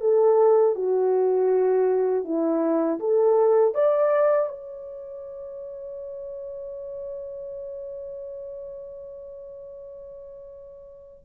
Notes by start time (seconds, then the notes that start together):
0.00 A4
0.75 F#4
2.24 E4
2.99 A4
3.74 D5
4.49 C#5